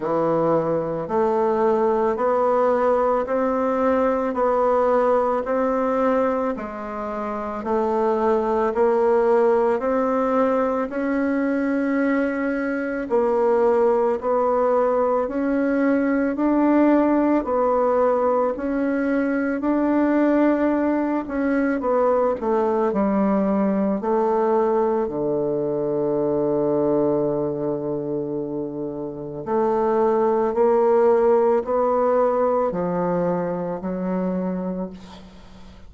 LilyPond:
\new Staff \with { instrumentName = "bassoon" } { \time 4/4 \tempo 4 = 55 e4 a4 b4 c'4 | b4 c'4 gis4 a4 | ais4 c'4 cis'2 | ais4 b4 cis'4 d'4 |
b4 cis'4 d'4. cis'8 | b8 a8 g4 a4 d4~ | d2. a4 | ais4 b4 f4 fis4 | }